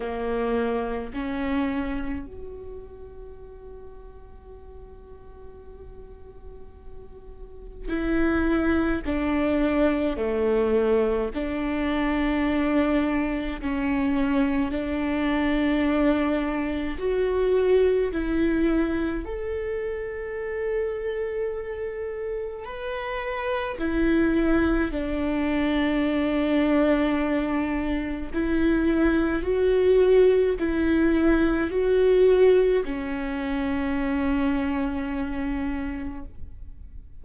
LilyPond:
\new Staff \with { instrumentName = "viola" } { \time 4/4 \tempo 4 = 53 ais4 cis'4 fis'2~ | fis'2. e'4 | d'4 a4 d'2 | cis'4 d'2 fis'4 |
e'4 a'2. | b'4 e'4 d'2~ | d'4 e'4 fis'4 e'4 | fis'4 cis'2. | }